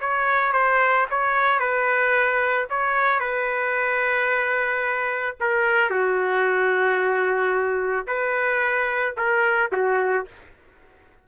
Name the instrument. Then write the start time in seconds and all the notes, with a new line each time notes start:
trumpet
0.00 C#5
0.52 C5
1.10 C#5
1.59 B4
2.70 C#5
3.19 B4
5.40 A#4
5.90 F#4
8.07 B4
9.17 A#4
9.72 F#4